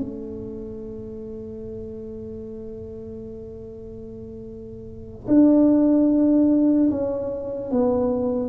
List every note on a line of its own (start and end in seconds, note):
0.00 5.27 A3
5.27 6.90 D4
6.90 7.71 C#4
7.71 8.49 B3